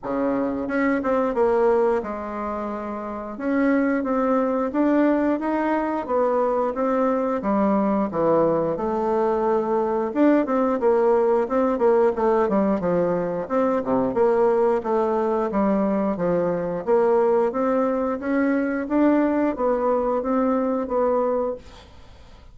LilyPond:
\new Staff \with { instrumentName = "bassoon" } { \time 4/4 \tempo 4 = 89 cis4 cis'8 c'8 ais4 gis4~ | gis4 cis'4 c'4 d'4 | dis'4 b4 c'4 g4 | e4 a2 d'8 c'8 |
ais4 c'8 ais8 a8 g8 f4 | c'8 c8 ais4 a4 g4 | f4 ais4 c'4 cis'4 | d'4 b4 c'4 b4 | }